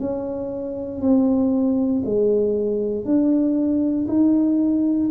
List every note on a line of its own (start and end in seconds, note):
0.00 1.01 C#4
1.01 2.02 C4
2.05 3.05 G#3
3.05 4.07 D4
4.08 5.10 D#4